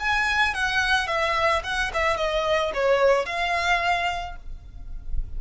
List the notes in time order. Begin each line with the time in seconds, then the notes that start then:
0.00 G#5
0.54 F#5
1.08 E5
1.64 F#5
1.94 E5
2.17 D#5
2.74 C#5
3.26 F5